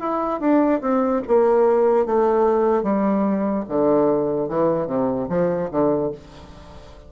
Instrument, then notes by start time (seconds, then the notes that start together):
bassoon
0.00 E4
0.41 D4
0.81 C4
1.28 A#3
2.06 A3
2.83 G3
3.69 D3
4.49 E3
4.87 C3
5.29 F3
5.71 D3